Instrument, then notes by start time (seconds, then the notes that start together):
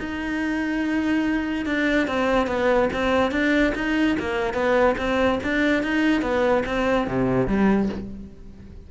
cello
0.00 D#4
1.66 D4
2.07 C4
2.47 B3
2.93 C4
3.31 D4
3.75 D#4
4.19 A#3
4.54 B3
4.98 C4
5.43 D4
5.83 D#4
6.22 B3
6.66 C4
7.07 C3
7.47 G3